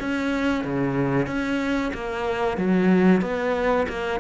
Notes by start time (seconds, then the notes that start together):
0.00 C#4
0.64 C#3
1.27 C#4
1.94 A#3
2.58 F#3
3.22 B3
3.89 A#3